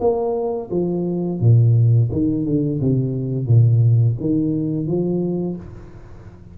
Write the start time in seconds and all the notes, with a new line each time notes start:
0.00 A#3
0.70 F3
1.40 A#2
2.12 D#3
2.45 D3
2.80 C3
3.46 A#2
4.20 D#3
4.86 F3